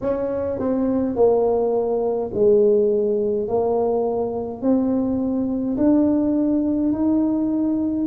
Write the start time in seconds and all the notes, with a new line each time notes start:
0.01 C#4
0.59 C4
1.15 A#3
2.34 G#3
3.48 A#3
4.61 C4
5.77 D4
6.92 D#4